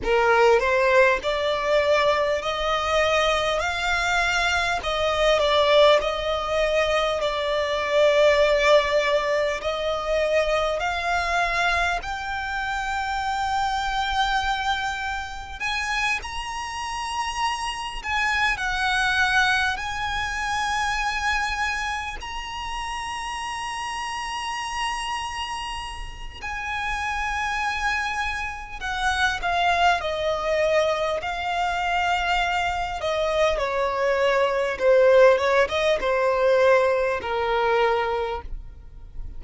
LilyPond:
\new Staff \with { instrumentName = "violin" } { \time 4/4 \tempo 4 = 50 ais'8 c''8 d''4 dis''4 f''4 | dis''8 d''8 dis''4 d''2 | dis''4 f''4 g''2~ | g''4 gis''8 ais''4. gis''8 fis''8~ |
fis''8 gis''2 ais''4.~ | ais''2 gis''2 | fis''8 f''8 dis''4 f''4. dis''8 | cis''4 c''8 cis''16 dis''16 c''4 ais'4 | }